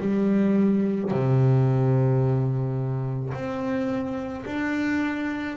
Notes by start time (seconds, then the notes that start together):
0.00 G3
1.11 C3
3.33 C4
4.45 D4